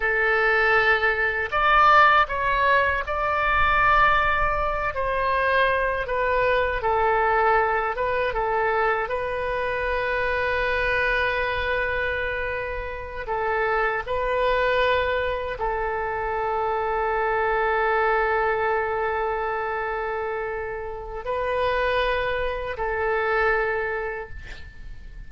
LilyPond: \new Staff \with { instrumentName = "oboe" } { \time 4/4 \tempo 4 = 79 a'2 d''4 cis''4 | d''2~ d''8 c''4. | b'4 a'4. b'8 a'4 | b'1~ |
b'4. a'4 b'4.~ | b'8 a'2.~ a'8~ | a'1 | b'2 a'2 | }